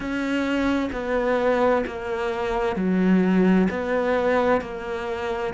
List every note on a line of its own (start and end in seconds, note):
0.00 0.89 C#4
0.92 1.84 B3
1.86 2.76 A#3
2.76 3.68 F#3
3.70 4.61 B3
4.61 5.53 A#3